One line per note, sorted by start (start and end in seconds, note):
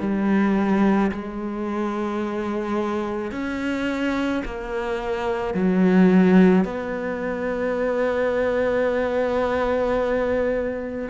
0.00 1.11 G3
1.12 3.32 G#3
3.32 4.43 C#4
4.45 5.55 A#3
5.55 6.65 F#3
6.65 11.09 B3